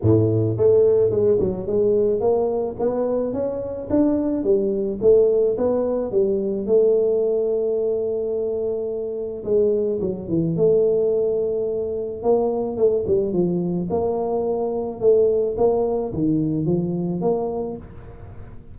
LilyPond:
\new Staff \with { instrumentName = "tuba" } { \time 4/4 \tempo 4 = 108 a,4 a4 gis8 fis8 gis4 | ais4 b4 cis'4 d'4 | g4 a4 b4 g4 | a1~ |
a4 gis4 fis8 e8 a4~ | a2 ais4 a8 g8 | f4 ais2 a4 | ais4 dis4 f4 ais4 | }